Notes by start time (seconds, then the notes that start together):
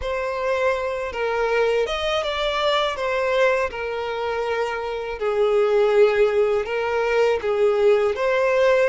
0.01 C5
1.12 A#4
1.86 D#5
2.23 D5
2.96 C5
3.70 A#4
5.19 G#4
6.65 A#4
7.41 G#4
8.15 C5